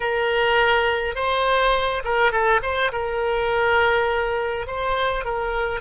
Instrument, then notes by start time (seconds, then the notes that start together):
oboe
0.00 A#4
1.15 C5
2.04 A#4
2.31 A4
2.62 C5
2.92 A#4
4.66 C5
5.25 A#4